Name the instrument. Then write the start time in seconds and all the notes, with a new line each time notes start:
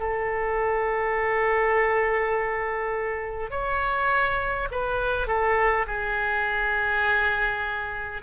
oboe
0.00 A4
3.51 C#5
4.72 B4
5.28 A4
5.87 G#4